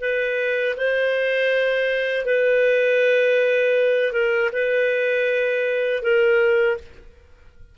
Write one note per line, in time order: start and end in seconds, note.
0.00 0.75 B4
0.76 2.25 C5
2.25 4.12 B4
4.12 4.50 A#4
4.52 6.02 B4
6.02 6.77 A#4